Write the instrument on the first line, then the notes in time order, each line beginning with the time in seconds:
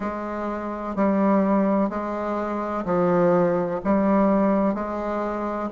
bassoon
0.00 G#3
0.95 G3
1.89 G#3
2.85 F3
3.84 G3
4.74 G#3